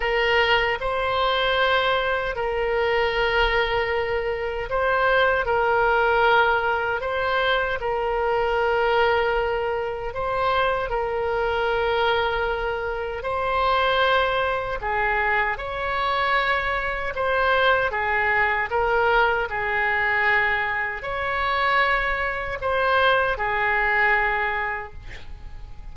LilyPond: \new Staff \with { instrumentName = "oboe" } { \time 4/4 \tempo 4 = 77 ais'4 c''2 ais'4~ | ais'2 c''4 ais'4~ | ais'4 c''4 ais'2~ | ais'4 c''4 ais'2~ |
ais'4 c''2 gis'4 | cis''2 c''4 gis'4 | ais'4 gis'2 cis''4~ | cis''4 c''4 gis'2 | }